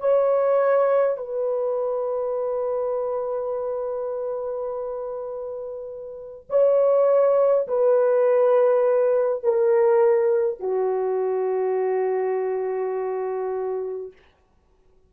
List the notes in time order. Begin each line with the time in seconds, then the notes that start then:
0.00 C#5
1.17 B4
6.49 C#5
7.67 B4
9.43 A#4
10.59 F#4